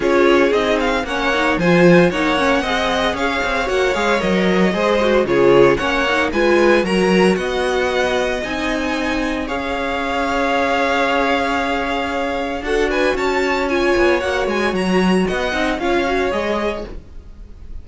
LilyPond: <<
  \new Staff \with { instrumentName = "violin" } { \time 4/4 \tempo 4 = 114 cis''4 dis''8 f''8 fis''4 gis''4 | fis''2 f''4 fis''8 f''8 | dis''2 cis''4 fis''4 | gis''4 ais''4 fis''2 |
gis''2 f''2~ | f''1 | fis''8 gis''8 a''4 gis''4 fis''8 gis''8 | ais''4 fis''4 f''4 dis''4 | }
  \new Staff \with { instrumentName = "violin" } { \time 4/4 gis'2 cis''4 c''4 | cis''4 dis''4 cis''2~ | cis''4 c''4 gis'4 cis''4 | b'4 ais'4 dis''2~ |
dis''2 cis''2~ | cis''1 | a'8 b'8 cis''2.~ | cis''4 dis''4 cis''2 | }
  \new Staff \with { instrumentName = "viola" } { \time 4/4 f'4 dis'4 cis'8 dis'8 f'4 | dis'8 cis'8 gis'2 fis'8 gis'8 | ais'4 gis'8 fis'8 f'4 cis'8 dis'8 | f'4 fis'2. |
dis'2 gis'2~ | gis'1 | fis'2 f'4 fis'4~ | fis'4. dis'8 f'8 fis'8 gis'4 | }
  \new Staff \with { instrumentName = "cello" } { \time 4/4 cis'4 c'4 ais4 f4 | ais4 c'4 cis'8 c'8 ais8 gis8 | fis4 gis4 cis4 ais4 | gis4 fis4 b2 |
c'2 cis'2~ | cis'1 | d'4 cis'4. b8 ais8 gis8 | fis4 b8 c'8 cis'4 gis4 | }
>>